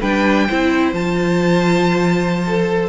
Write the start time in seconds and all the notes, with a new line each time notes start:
0.00 G3 D4 B4 G5
0.47 C4 E4 C5
0.92 F3 F4 A5
2.47 A4